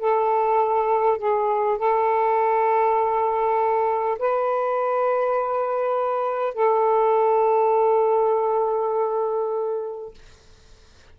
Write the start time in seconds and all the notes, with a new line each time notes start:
0.00 A4
1.19 G#4
1.78 A4
4.19 B4
6.55 A4